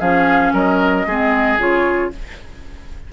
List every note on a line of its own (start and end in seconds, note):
0.00 0.53 F3
0.00 1.07 C#4
0.00 0.53 G#4
0.00 0.54 F5
0.53 1.06 F#3
0.53 1.06 A#4
0.53 1.60 D#5
1.06 1.59 G#3
1.06 1.59 C4
1.06 2.12 G#4
1.59 2.11 C#3
1.59 2.11 F4
1.59 2.13 C#5